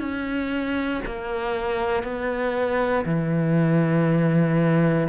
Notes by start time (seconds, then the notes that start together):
0.00 C#4
1.06 A#3
2.03 B3
3.06 E3